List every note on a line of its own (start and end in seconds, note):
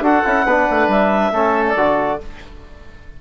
0.00 0.22 D4
0.00 0.25 F#4
0.00 0.45 A4
0.00 0.89 F#5
0.25 0.45 C#4
0.25 0.46 E4
0.45 0.67 B3
0.45 1.33 D4
0.45 1.31 B4
0.70 0.87 A3
0.87 1.30 G3
0.87 1.65 E5
1.32 1.75 A3
1.32 1.76 C#4
1.32 2.19 A4
1.67 2.21 D5
1.75 2.19 D3
1.75 2.19 F#4